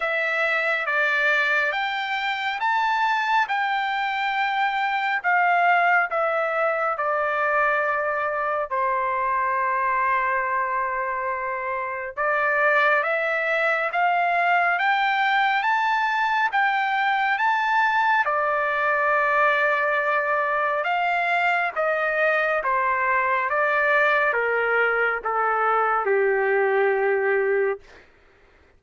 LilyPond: \new Staff \with { instrumentName = "trumpet" } { \time 4/4 \tempo 4 = 69 e''4 d''4 g''4 a''4 | g''2 f''4 e''4 | d''2 c''2~ | c''2 d''4 e''4 |
f''4 g''4 a''4 g''4 | a''4 d''2. | f''4 dis''4 c''4 d''4 | ais'4 a'4 g'2 | }